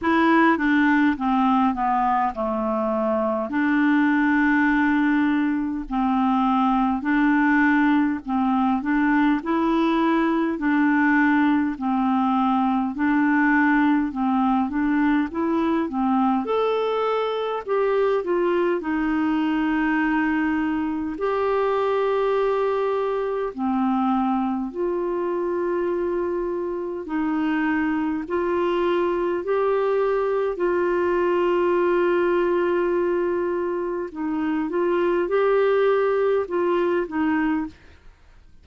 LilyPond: \new Staff \with { instrumentName = "clarinet" } { \time 4/4 \tempo 4 = 51 e'8 d'8 c'8 b8 a4 d'4~ | d'4 c'4 d'4 c'8 d'8 | e'4 d'4 c'4 d'4 | c'8 d'8 e'8 c'8 a'4 g'8 f'8 |
dis'2 g'2 | c'4 f'2 dis'4 | f'4 g'4 f'2~ | f'4 dis'8 f'8 g'4 f'8 dis'8 | }